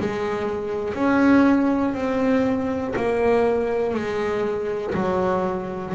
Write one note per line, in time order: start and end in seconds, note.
0.00 0.95 G#3
0.95 1.94 C#4
1.94 2.94 C4
2.96 3.95 A#3
3.95 4.95 G#3
4.95 5.95 F#3